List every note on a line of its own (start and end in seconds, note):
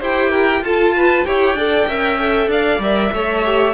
0.00 0.61 E4
0.00 0.64 G4
0.00 0.30 C5
0.00 0.64 G5
0.30 0.62 A#4
0.61 1.23 F4
0.61 1.26 F4
0.61 0.96 A4
0.61 1.25 A5
0.96 1.26 B4
1.25 1.54 E4
1.25 1.57 G4
1.25 1.57 C#5
1.25 2.50 G5
1.54 1.85 D4
1.54 1.88 A4
1.54 1.88 D5
1.87 2.47 C#4
1.87 2.19 A#4
1.87 2.51 E5
2.19 2.82 A4
2.47 2.79 D4
2.47 3.14 D5
2.47 2.82 F5
2.79 3.10 G3
2.79 3.13 A#4
2.79 3.74 E5
3.13 3.74 A3
3.13 3.45 A4
3.13 3.74 C#5
3.45 3.74 G4